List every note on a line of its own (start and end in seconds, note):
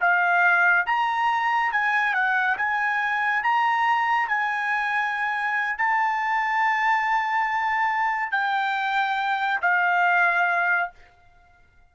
0.00 0.86 F5
0.86 1.72 A#5
1.72 2.14 G#5
2.14 2.56 F#5
2.57 3.43 G#5
3.43 4.28 A#5
4.28 5.77 G#5
5.77 8.31 A5
8.31 9.60 G5
9.62 10.90 F5